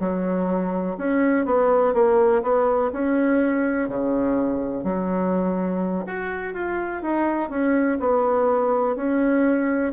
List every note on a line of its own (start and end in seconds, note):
0.00 0.97 F#3
0.99 1.46 C#4
1.46 1.94 B3
1.94 2.42 A#3
2.43 2.92 B3
2.93 3.89 C#4
3.89 4.84 C#3
4.84 6.05 F#3
6.07 6.54 F#4
6.54 7.02 F4
7.02 7.50 D#4
7.50 7.98 C#4
8.00 8.96 B3
8.96 9.93 C#4